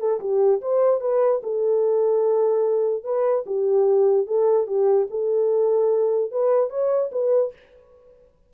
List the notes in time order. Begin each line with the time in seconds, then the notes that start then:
0.00 A4
0.21 G4
0.62 C5
1.01 B4
1.44 A4
3.04 B4
3.47 G4
4.27 A4
4.68 G4
5.11 A4
6.32 B4
6.70 C#5
7.12 B4